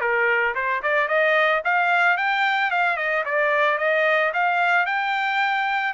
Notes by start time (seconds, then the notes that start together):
0.00 A#4
0.55 C5
0.82 D5
1.08 D#5
1.64 F5
2.17 G5
2.71 F5
2.97 D#5
3.25 D5
3.78 D#5
4.33 F5
4.86 G5